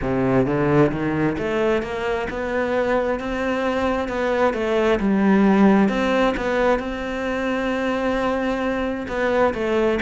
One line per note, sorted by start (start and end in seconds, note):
0.01 0.45 C3
0.45 0.91 D3
0.91 1.36 D#3
1.37 1.82 A3
1.82 2.27 A#3
2.30 3.19 B3
3.19 4.08 C4
4.08 4.53 B3
4.53 4.99 A3
4.99 5.88 G3
5.88 6.34 C4
6.36 6.79 B3
6.79 9.06 C4
9.08 9.53 B3
9.53 9.99 A3